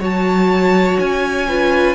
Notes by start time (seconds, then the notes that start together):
0.00 F#3 F#4 C#5 A5
1.00 C#4 G#5
1.49 F4 B4